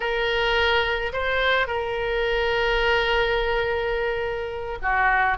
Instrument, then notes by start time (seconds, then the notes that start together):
oboe
0.00 A#4
1.12 C5
1.67 A#4
4.82 F#4